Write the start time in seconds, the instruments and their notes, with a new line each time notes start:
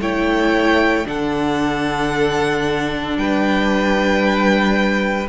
0.00 cello A3, viola E4, violin C#5 G5
1.04 cello D3, viola D4, violin A4 F#5
3.16 cello G3, violin B4 G5